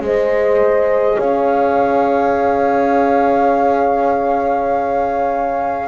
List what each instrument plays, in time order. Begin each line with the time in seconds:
0.00 double bass G#3, saxophone G#4, horn C5, flute D#5
1.17 double bass C#4, horn C#5, flute F5